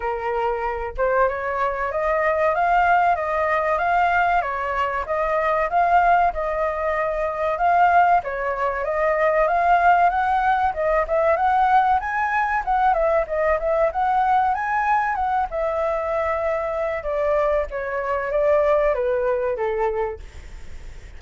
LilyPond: \new Staff \with { instrumentName = "flute" } { \time 4/4 \tempo 4 = 95 ais'4. c''8 cis''4 dis''4 | f''4 dis''4 f''4 cis''4 | dis''4 f''4 dis''2 | f''4 cis''4 dis''4 f''4 |
fis''4 dis''8 e''8 fis''4 gis''4 | fis''8 e''8 dis''8 e''8 fis''4 gis''4 | fis''8 e''2~ e''8 d''4 | cis''4 d''4 b'4 a'4 | }